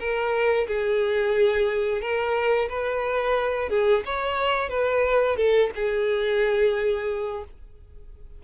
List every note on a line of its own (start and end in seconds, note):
0.00 0.67 A#4
0.68 2.02 G#4
2.02 2.69 A#4
2.69 3.70 B4
3.70 4.04 G#4
4.06 4.70 C#5
4.70 5.37 B4
5.37 5.71 A4
5.76 7.44 G#4